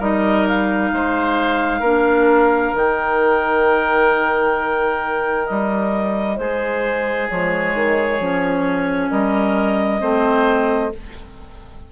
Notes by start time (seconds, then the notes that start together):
0.00 G3 D#4 A#4 D#5
0.48 F5
0.93 G#3 C5
1.80 A#3 D4 A#4
2.75 D#3 D#4 G5
5.47 G3 D#5
6.37 G#3 G#4 C5
7.29 F3 G#3 C#5
7.75 D#3
8.20 F3 C#4
9.11 G3 A#4 D#5
10.01 A3 C4 C5